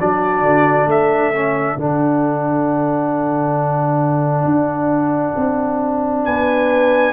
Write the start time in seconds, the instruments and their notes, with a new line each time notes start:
0.00 tuba F#3, trombone D4, horn F#4, trumpet D5
0.42 tuba D3
0.87 tuba A3, horn A4, trumpet E5
1.35 trombone C#4
1.77 tuba D3, trombone D4, trumpet F#5
4.45 tuba D4
5.36 tuba C4
6.25 tuba B3, horn B4, trumpet G#5